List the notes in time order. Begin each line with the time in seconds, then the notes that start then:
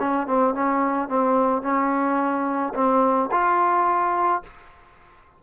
0.00 C#4
0.27 C4
0.55 C#4
1.09 C4
1.63 C#4
2.75 C4
3.32 F4